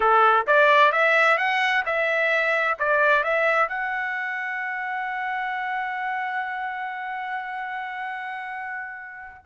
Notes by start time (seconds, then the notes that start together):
0.00 A4
0.46 D5
0.91 E5
1.37 F#5
1.85 E5
2.79 D5
3.23 E5
3.68 F#5